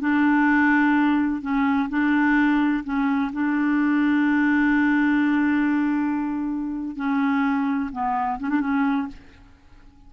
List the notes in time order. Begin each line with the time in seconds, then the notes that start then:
0.00 D4
1.41 C#4
1.89 D4
2.84 C#4
3.33 D4
6.96 C#4
7.92 B3
8.39 C#4
8.49 D4
8.60 C#4